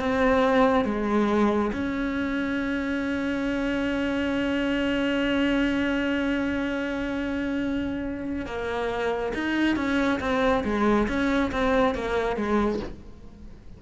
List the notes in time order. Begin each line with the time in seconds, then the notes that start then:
0.00 C4
0.85 G#3
1.73 C#4
8.47 A#3
9.34 D#4
9.77 C#4
10.21 C4
10.64 G#3
11.08 C#4
11.52 C4
11.95 A#3
12.37 G#3